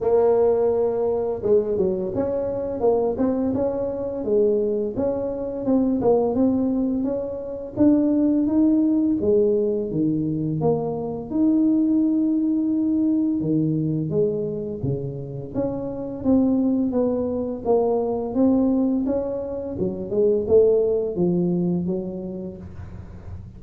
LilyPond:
\new Staff \with { instrumentName = "tuba" } { \time 4/4 \tempo 4 = 85 ais2 gis8 fis8 cis'4 | ais8 c'8 cis'4 gis4 cis'4 | c'8 ais8 c'4 cis'4 d'4 | dis'4 gis4 dis4 ais4 |
dis'2. dis4 | gis4 cis4 cis'4 c'4 | b4 ais4 c'4 cis'4 | fis8 gis8 a4 f4 fis4 | }